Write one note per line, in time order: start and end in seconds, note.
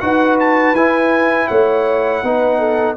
0.00 0.73 D#4
0.00 0.75 F#4
0.00 1.48 B4
0.00 0.37 F#5
0.40 0.75 A5
0.73 1.47 E4
0.73 2.24 E4
0.73 1.47 G#5
1.47 2.23 A3
1.47 2.22 C#5
1.47 2.96 F#5
2.23 2.96 B3
2.23 2.96 D#4
2.23 2.59 B4
2.59 2.96 A4